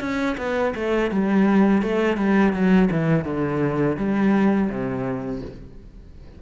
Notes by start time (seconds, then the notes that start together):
0.00 C#4
0.37 B3
0.75 A3
1.11 G3
1.82 A3
2.17 G3
2.53 F#3
2.91 E3
3.25 D3
3.97 G3
4.69 C3